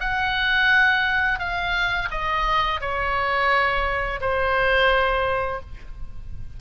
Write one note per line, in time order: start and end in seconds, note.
0.00 1.39 F#5
1.39 2.09 F5
2.11 2.81 D#5
2.81 4.20 C#5
4.21 5.61 C5